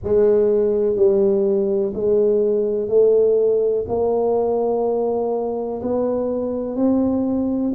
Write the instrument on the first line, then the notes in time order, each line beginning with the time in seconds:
tuba
0.03 G#3
0.96 G3
1.94 G#3
2.88 A3
3.88 A#3
5.82 B3
6.75 C4